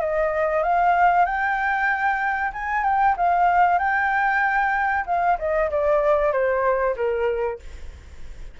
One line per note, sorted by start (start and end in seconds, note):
0.00 0.63 D#5
0.63 1.25 F5
1.25 2.51 G5
2.53 2.84 G#5
2.84 3.15 G5
3.17 3.78 F5
3.78 5.05 G5
5.06 5.37 F5
5.38 5.70 D#5
5.70 6.32 D5
6.32 6.95 C5
6.96 7.59 A#4